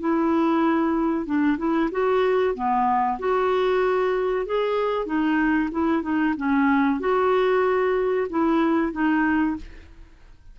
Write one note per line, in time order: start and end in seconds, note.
0.00 1.26 E4
1.26 1.58 D4
1.58 1.90 E4
1.92 2.55 F#4
2.55 3.19 B3
3.19 4.46 F#4
4.46 5.06 G#4
5.06 5.70 D#4
5.72 6.03 E4
6.03 6.35 D#4
6.37 7.00 C#4
7.00 8.28 F#4
8.30 8.92 E4
8.92 9.56 D#4